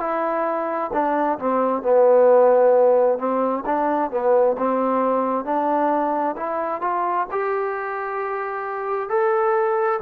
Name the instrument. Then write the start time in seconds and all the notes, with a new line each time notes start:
trombone
0.00 E4
0.93 D4
1.39 C4
1.83 B3
3.19 C4
3.66 D4
4.11 B3
4.58 C4
5.45 D4
6.37 E4
6.81 F4
7.32 G4
9.10 A4